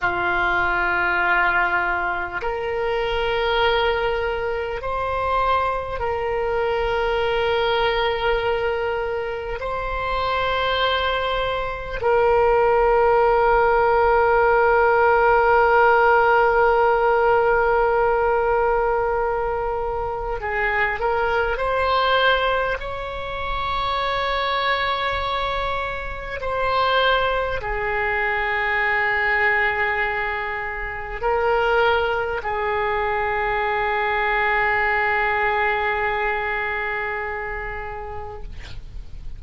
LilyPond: \new Staff \with { instrumentName = "oboe" } { \time 4/4 \tempo 4 = 50 f'2 ais'2 | c''4 ais'2. | c''2 ais'2~ | ais'1~ |
ais'4 gis'8 ais'8 c''4 cis''4~ | cis''2 c''4 gis'4~ | gis'2 ais'4 gis'4~ | gis'1 | }